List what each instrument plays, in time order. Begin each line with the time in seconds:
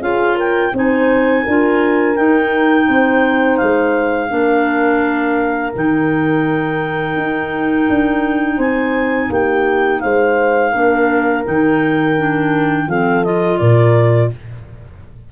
0.00 tuba C#4, clarinet F4 F5, horn G#4
0.36 horn A#4, clarinet G5
0.73 tuba C4, clarinet D#4 G#5, horn C5
1.43 tuba D4, clarinet F4, horn A#4
2.16 clarinet D#4 G5, tuba D#4
2.88 tuba C4, horn C5
3.57 tuba G#3, clarinet F5
4.29 tuba A#3, clarinet D4, horn A#4
5.75 tuba D#3, clarinet D#4 G5
7.16 tuba D#4
7.89 tuba D4
8.57 tuba C4, horn C5, clarinet G#5
9.29 tuba A#3, horn G4, clarinet G5
10.00 tuba G#3, horn C5, clarinet F5
10.72 tuba A#3, clarinet D4, horn A#4
11.44 tuba D#3, clarinet D#4 G5
12.18 clarinet D4
12.87 tuba F3, clarinet C4 F5, horn A4
13.24 clarinet F4 D#5
13.58 tuba A#2, horn A#4, clarinet D5